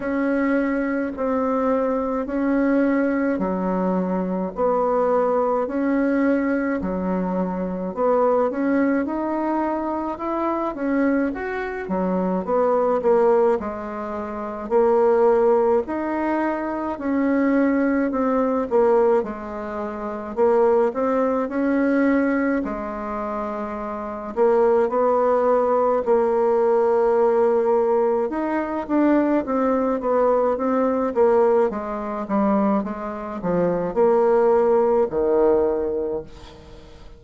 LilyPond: \new Staff \with { instrumentName = "bassoon" } { \time 4/4 \tempo 4 = 53 cis'4 c'4 cis'4 fis4 | b4 cis'4 fis4 b8 cis'8 | dis'4 e'8 cis'8 fis'8 fis8 b8 ais8 | gis4 ais4 dis'4 cis'4 |
c'8 ais8 gis4 ais8 c'8 cis'4 | gis4. ais8 b4 ais4~ | ais4 dis'8 d'8 c'8 b8 c'8 ais8 | gis8 g8 gis8 f8 ais4 dis4 | }